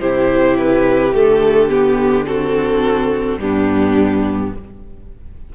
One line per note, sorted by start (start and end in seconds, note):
0.00 1.14 C3
0.00 1.13 E4
0.00 2.26 G4
0.00 0.58 C5
0.58 1.15 B4
1.13 3.38 D3
1.13 1.69 A3
1.13 1.71 A4
1.69 2.26 B3
1.69 2.26 G4
2.26 3.41 C4
2.26 3.40 F#4
2.26 3.39 A4
3.38 4.51 G2
3.38 4.55 B3
3.38 4.53 D4
3.38 4.54 G4